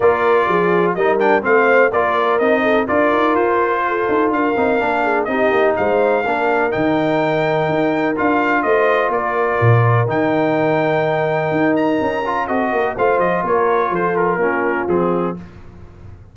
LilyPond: <<
  \new Staff \with { instrumentName = "trumpet" } { \time 4/4 \tempo 4 = 125 d''2 dis''8 g''8 f''4 | d''4 dis''4 d''4 c''4~ | c''4 f''2 dis''4 | f''2 g''2~ |
g''4 f''4 dis''4 d''4~ | d''4 g''2.~ | g''8 ais''4. dis''4 f''8 dis''8 | cis''4 c''8 ais'4. gis'4 | }
  \new Staff \with { instrumentName = "horn" } { \time 4/4 ais'4 gis'4 ais'4 c''4 | ais'4. a'8 ais'2 | a'4 ais'4. gis'8 g'4 | c''4 ais'2.~ |
ais'2 c''4 ais'4~ | ais'1~ | ais'2 a'8 ais'8 c''4 | ais'4 a'4 f'2 | }
  \new Staff \with { instrumentName = "trombone" } { \time 4/4 f'2 dis'8 d'8 c'4 | f'4 dis'4 f'2~ | f'4. dis'8 d'4 dis'4~ | dis'4 d'4 dis'2~ |
dis'4 f'2.~ | f'4 dis'2.~ | dis'4. f'8 fis'4 f'4~ | f'2 cis'4 c'4 | }
  \new Staff \with { instrumentName = "tuba" } { \time 4/4 ais4 f4 g4 a4 | ais4 c'4 d'8 dis'8 f'4~ | f'8 dis'8 d'8 c'8 ais4 c'8 ais8 | gis4 ais4 dis2 |
dis'4 d'4 a4 ais4 | ais,4 dis2. | dis'4 cis'4 c'8 ais8 a8 f8 | ais4 f4 ais4 f4 | }
>>